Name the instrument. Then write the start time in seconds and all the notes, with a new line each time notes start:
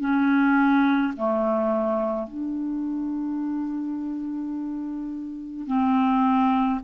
clarinet
0.00 C#4
1.17 A3
2.27 D4
5.67 C4